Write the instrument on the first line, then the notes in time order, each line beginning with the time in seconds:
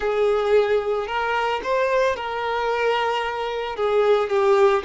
violin
0.00 G#4
1.07 A#4
1.63 C5
2.16 A#4
3.75 G#4
4.29 G4